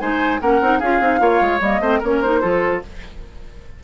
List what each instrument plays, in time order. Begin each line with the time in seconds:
0.00 bassoon G#3, clarinet D#4, oboe C5, flute G#5
0.41 bassoon A#3, clarinet C#4, oboe A#4, flute F#5
0.61 bassoon C4, clarinet D#4
0.79 bassoon C#4, clarinet F4, oboe G#4, flute F5
1.00 bassoon C4, clarinet D#4
1.19 bassoon A#3, clarinet F4, oboe C#5
1.41 bassoon G#3
1.60 bassoon G3, clarinet A#3, flute D#5
1.80 bassoon A3, clarinet C4, oboe C5
1.99 bassoon A#3, clarinet C#4, oboe A#4, flute C#5
2.21 clarinet D#4, flute C5
2.42 bassoon F3, clarinet F4, oboe A4